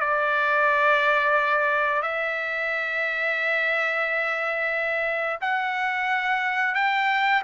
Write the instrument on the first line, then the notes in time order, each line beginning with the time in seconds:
trumpet
0.00 D5
2.02 E5
5.41 F#5
6.75 G5